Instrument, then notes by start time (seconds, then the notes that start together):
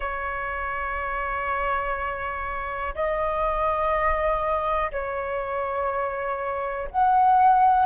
flute
0.00 C#5
2.94 D#5
4.91 C#5
6.91 F#5